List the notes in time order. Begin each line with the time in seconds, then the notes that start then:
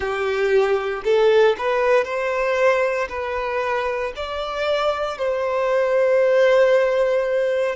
0.00 G4
1.04 A4
1.58 B4
2.04 C5
3.09 B4
4.16 D5
5.17 C5